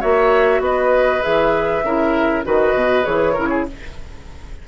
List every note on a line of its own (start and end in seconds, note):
0.00 0.60 A#3
0.00 1.21 F#4
0.00 0.61 C#5
0.00 0.61 E5
0.60 1.21 B3
0.60 1.85 B4
0.60 1.22 D#5
1.21 1.83 E3
1.21 1.82 G#4
1.21 2.43 E5
1.83 2.43 C#3
1.83 2.44 E4
1.83 2.45 A#4
2.44 2.74 D#3
2.44 3.02 F#4
2.44 3.33 B4
2.44 3.05 D#5
2.74 3.04 B2
3.02 3.37 E3
3.02 3.33 G#4
3.02 3.66 C#5
3.33 3.68 C#3
3.33 3.67 E4
3.33 3.48 A#4
3.49 3.65 G#4